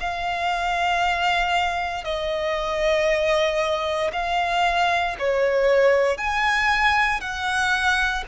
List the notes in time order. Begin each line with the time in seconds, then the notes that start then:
0.00 F5
2.04 D#5
4.13 F5
5.19 C#5
6.17 G#5
7.20 F#5